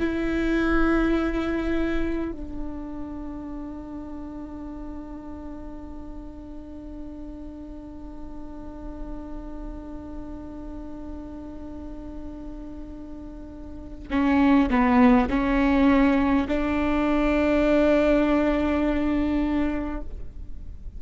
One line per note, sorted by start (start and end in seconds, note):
0.00 2.32 E4
2.32 14.09 D4
14.11 14.70 C#4
14.70 15.29 B3
15.30 16.48 C#4
16.48 20.01 D4